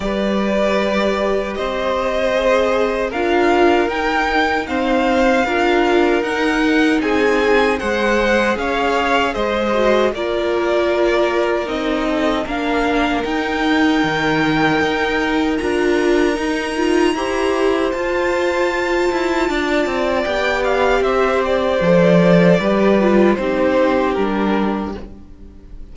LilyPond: <<
  \new Staff \with { instrumentName = "violin" } { \time 4/4 \tempo 4 = 77 d''2 dis''2 | f''4 g''4 f''2 | fis''4 gis''4 fis''4 f''4 | dis''4 d''2 dis''4 |
f''4 g''2. | ais''2. a''4~ | a''2 g''8 f''8 e''8 d''8~ | d''2 c''4 ais'4 | }
  \new Staff \with { instrumentName = "violin" } { \time 4/4 b'2 c''2 | ais'2 c''4 ais'4~ | ais'4 gis'4 c''4 cis''4 | c''4 ais'2~ ais'8 a'8 |
ais'1~ | ais'2 c''2~ | c''4 d''2 c''4~ | c''4 b'4 g'2 | }
  \new Staff \with { instrumentName = "viola" } { \time 4/4 g'2. gis'4 | f'4 dis'4 c'4 f'4 | dis'2 gis'2~ | gis'8 fis'8 f'2 dis'4 |
d'4 dis'2. | f'4 dis'8 f'8 g'4 f'4~ | f'2 g'2 | a'4 g'8 f'8 dis'4 d'4 | }
  \new Staff \with { instrumentName = "cello" } { \time 4/4 g2 c'2 | d'4 dis'2 d'4 | dis'4 c'4 gis4 cis'4 | gis4 ais2 c'4 |
ais4 dis'4 dis4 dis'4 | d'4 dis'4 e'4 f'4~ | f'8 e'8 d'8 c'8 b4 c'4 | f4 g4 c'4 g4 | }
>>